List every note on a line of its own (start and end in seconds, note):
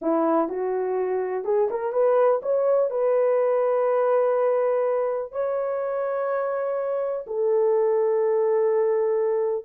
0.01 0.48 E4
0.48 1.44 F#4
1.44 1.68 G#4
1.70 1.92 A#4
1.92 2.40 B4
2.42 2.90 C#5
2.90 5.32 B4
5.32 7.25 C#5
7.26 9.65 A4